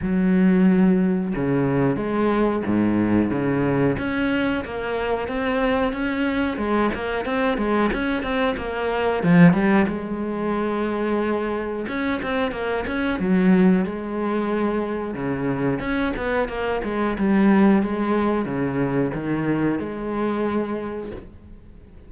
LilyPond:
\new Staff \with { instrumentName = "cello" } { \time 4/4 \tempo 4 = 91 fis2 cis4 gis4 | gis,4 cis4 cis'4 ais4 | c'4 cis'4 gis8 ais8 c'8 gis8 | cis'8 c'8 ais4 f8 g8 gis4~ |
gis2 cis'8 c'8 ais8 cis'8 | fis4 gis2 cis4 | cis'8 b8 ais8 gis8 g4 gis4 | cis4 dis4 gis2 | }